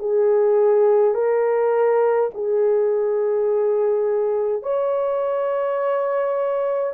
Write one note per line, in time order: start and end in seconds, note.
0.00 1.15 G#4
1.15 2.30 A#4
2.35 4.63 G#4
4.63 6.94 C#5